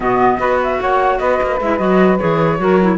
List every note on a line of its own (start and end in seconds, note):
0.00 0.37 B2
0.00 0.39 B3
0.00 0.37 F#4
0.00 0.60 D#5
0.39 0.79 B3
0.39 1.59 F#4
0.39 0.79 B4
0.63 0.81 E5
0.80 1.20 A#3
0.80 1.19 C#5
0.80 1.19 F#5
1.19 1.40 B3
1.19 2.59 B4
1.19 1.59 D#5
1.42 1.60 A#3
1.60 1.79 G#3
1.60 1.78 E4
1.60 1.78 E5
1.78 2.19 F#3
1.78 2.18 F#4
1.78 2.18 D#5
2.18 2.58 E3
2.18 2.58 G#4
2.18 2.98 C#5
2.58 2.98 F#3
2.58 2.78 F#4
2.58 2.98 A#4
2.81 2.98 E4